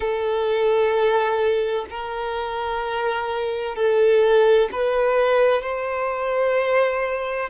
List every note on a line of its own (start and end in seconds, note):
0.00 1.85 A4
1.90 3.75 A#4
3.75 4.69 A4
4.71 5.62 B4
5.62 7.49 C5